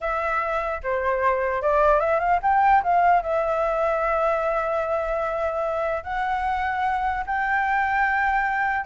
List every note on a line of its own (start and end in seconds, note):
0.00 0.81 E5
0.83 1.62 C5
1.62 2.00 D5
2.00 2.19 E5
2.19 2.39 F5
2.42 2.82 G5
2.83 3.22 F5
3.22 6.03 E5
6.03 7.24 F#5
7.26 8.85 G5